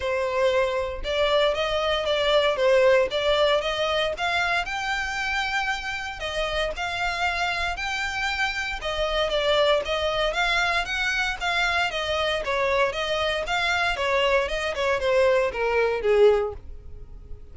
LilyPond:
\new Staff \with { instrumentName = "violin" } { \time 4/4 \tempo 4 = 116 c''2 d''4 dis''4 | d''4 c''4 d''4 dis''4 | f''4 g''2. | dis''4 f''2 g''4~ |
g''4 dis''4 d''4 dis''4 | f''4 fis''4 f''4 dis''4 | cis''4 dis''4 f''4 cis''4 | dis''8 cis''8 c''4 ais'4 gis'4 | }